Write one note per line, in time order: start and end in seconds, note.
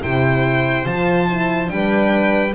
0.00 0.85 C3
0.00 0.85 E4
0.00 1.72 C5
0.00 0.86 G5
0.85 1.70 F3
0.85 1.27 F4
0.85 1.69 A5
1.28 1.67 E4
1.67 2.55 G3
1.67 2.52 D4
1.67 2.55 B4
1.67 2.54 G5